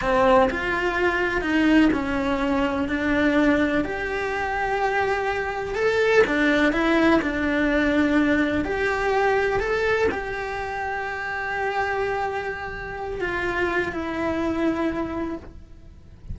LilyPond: \new Staff \with { instrumentName = "cello" } { \time 4/4 \tempo 4 = 125 c'4 f'2 dis'4 | cis'2 d'2 | g'1 | a'4 d'4 e'4 d'4~ |
d'2 g'2 | a'4 g'2.~ | g'2.~ g'8 f'8~ | f'4 e'2. | }